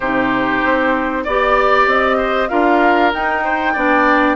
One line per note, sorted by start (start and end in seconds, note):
0.00 0.62 C3
0.00 1.27 D#4
0.00 1.23 G4
0.00 1.24 C5
0.64 1.26 C4
1.23 1.87 B3
1.23 2.49 G4
1.23 2.17 D5
1.23 1.87 D5
1.87 2.49 C4
1.87 2.49 D#5
2.17 2.48 C5
2.49 3.13 D4
2.49 3.11 F4
2.49 3.43 A#4
2.49 3.11 F5
3.13 3.75 D#4
3.13 4.36 G5
3.44 3.73 C5
3.73 4.36 B3
3.73 4.36 D4
3.73 4.35 D5